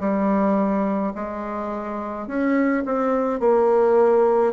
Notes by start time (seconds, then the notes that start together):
0.00 G3
1.15 G#3
2.27 C#4
2.86 C4
3.40 A#3